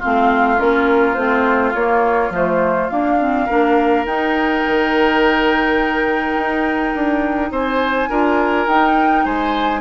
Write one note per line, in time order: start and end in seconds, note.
0.00 0.61 A3
0.00 0.58 C4
0.00 3.46 F4
0.00 0.60 F5
0.58 1.17 A#3
0.58 1.16 C#4
0.58 1.15 A#4
1.15 1.75 A3
1.15 1.75 C4
1.15 1.72 C5
1.75 2.30 A#3
1.75 2.34 A#3
1.75 2.33 C#5
2.30 2.88 F3
2.30 2.90 A3
2.30 2.90 C5
2.90 3.19 A#3
2.90 3.50 D4
2.90 4.06 F5
3.20 3.49 C4
3.46 4.06 A#3
3.46 4.07 D4
3.46 7.50 A#4
4.06 4.63 D#4
4.06 8.11 D#4
4.06 7.53 G5
4.67 6.36 D#3
6.36 6.94 D#4
6.95 7.52 D4
7.52 8.09 C4
7.52 8.10 C5
7.52 8.69 G#5
8.10 8.67 D4
8.10 8.69 F4
8.10 9.25 A#4
8.67 9.25 D#4
8.67 9.81 D#4
8.67 9.26 G5
9.25 9.81 G#3
9.25 9.81 C5
9.25 9.81 G#5